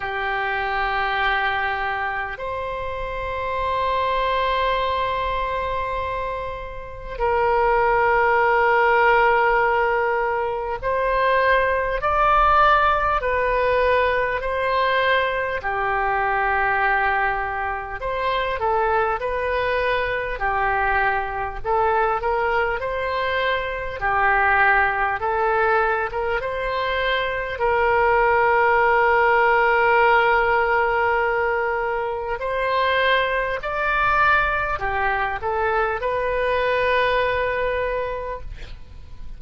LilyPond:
\new Staff \with { instrumentName = "oboe" } { \time 4/4 \tempo 4 = 50 g'2 c''2~ | c''2 ais'2~ | ais'4 c''4 d''4 b'4 | c''4 g'2 c''8 a'8 |
b'4 g'4 a'8 ais'8 c''4 | g'4 a'8. ais'16 c''4 ais'4~ | ais'2. c''4 | d''4 g'8 a'8 b'2 | }